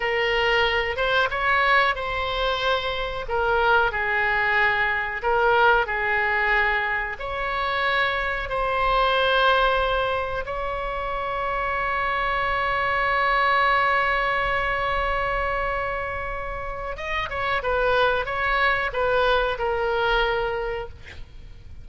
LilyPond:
\new Staff \with { instrumentName = "oboe" } { \time 4/4 \tempo 4 = 92 ais'4. c''8 cis''4 c''4~ | c''4 ais'4 gis'2 | ais'4 gis'2 cis''4~ | cis''4 c''2. |
cis''1~ | cis''1~ | cis''2 dis''8 cis''8 b'4 | cis''4 b'4 ais'2 | }